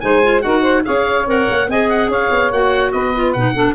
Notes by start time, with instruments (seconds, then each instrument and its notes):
0.00 tuba G#3, clarinet D#4, saxophone C5, oboe G#5
0.23 clarinet F4
0.41 tuba D#4, clarinet F#4, saxophone A#4, oboe F#5
0.61 saxophone C5
0.84 tuba C#4, clarinet G#4, saxophone C#5, oboe F5
1.26 tuba C4, clarinet A#4, oboe F#5
1.49 tuba A#3
1.67 tuba C4, clarinet G#4, saxophone D#5, oboe G#5
1.89 oboe F#5
2.08 tuba C#4, saxophone C#5, oboe F5
2.30 tuba B3
2.51 tuba A#3, clarinet F#4, oboe F#5
2.91 tuba B3, saxophone B4, oboe D#5
3.14 clarinet F4
3.32 tuba B2, clarinet D#4, oboe F#5
3.54 clarinet D4, saxophone A4